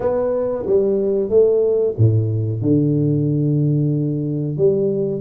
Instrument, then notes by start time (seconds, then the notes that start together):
tuba
0.00 B3
0.66 G3
1.29 A3
1.97 A2
2.61 D3
4.57 G3